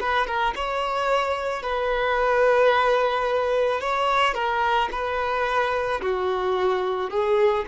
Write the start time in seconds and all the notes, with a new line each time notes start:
0.00 B4
0.26 A#4
0.55 C#5
1.62 B4
3.80 C#5
4.34 A#4
4.91 B4
6.01 F#4
7.10 G#4